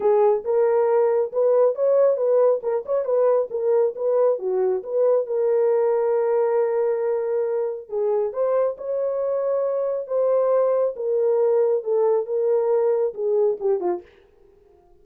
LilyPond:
\new Staff \with { instrumentName = "horn" } { \time 4/4 \tempo 4 = 137 gis'4 ais'2 b'4 | cis''4 b'4 ais'8 cis''8 b'4 | ais'4 b'4 fis'4 b'4 | ais'1~ |
ais'2 gis'4 c''4 | cis''2. c''4~ | c''4 ais'2 a'4 | ais'2 gis'4 g'8 f'8 | }